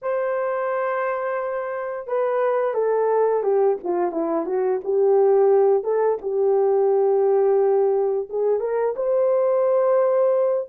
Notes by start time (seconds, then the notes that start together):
0.02 C5
2.07 B4
2.74 A4
3.42 G4
3.83 F4
4.11 E4
4.46 F#4
4.84 G4
5.83 A4
6.21 G4
8.29 G#4
8.60 A#4
8.96 C5